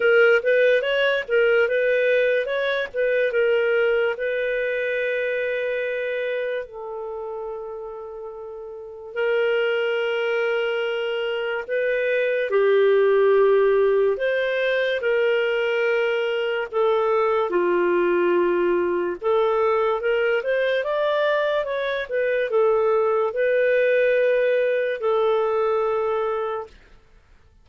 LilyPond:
\new Staff \with { instrumentName = "clarinet" } { \time 4/4 \tempo 4 = 72 ais'8 b'8 cis''8 ais'8 b'4 cis''8 b'8 | ais'4 b'2. | a'2. ais'4~ | ais'2 b'4 g'4~ |
g'4 c''4 ais'2 | a'4 f'2 a'4 | ais'8 c''8 d''4 cis''8 b'8 a'4 | b'2 a'2 | }